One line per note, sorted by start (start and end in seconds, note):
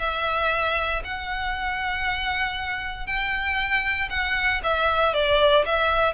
0.00 1.03 E5
1.05 3.07 F#5
3.07 4.10 G5
4.10 4.62 F#5
4.64 5.14 E5
5.14 5.65 D5
5.66 6.14 E5